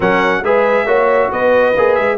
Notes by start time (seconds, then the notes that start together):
0.00 F#3 C#4 A#4 F#5
0.43 G#3 G#4 B4 E5
0.85 A#3 F#4 C#5
1.31 B3 B4 D#5
1.76 A#3 G#4
1.95 G#3 E5